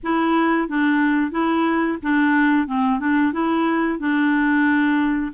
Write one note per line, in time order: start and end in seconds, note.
0.03 0.68 E4
0.68 1.31 D4
1.31 1.98 E4
2.02 2.67 D4
2.67 2.99 C4
2.99 3.32 D4
3.32 3.98 E4
3.98 5.32 D4